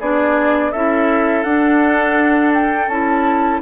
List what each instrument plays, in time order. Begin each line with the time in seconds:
0.00 bassoon B3, clarinet D4, oboe G#4, flute D5
0.72 bassoon C#4, clarinet E4, oboe A4, flute E5
1.43 bassoon D4, clarinet D4, flute F#5
2.54 flute G5
2.88 bassoon C#4, clarinet E4, flute A5